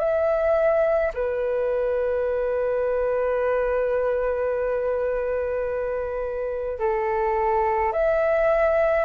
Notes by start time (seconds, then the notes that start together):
0.00 E5
1.14 B4
6.80 A4
7.93 E5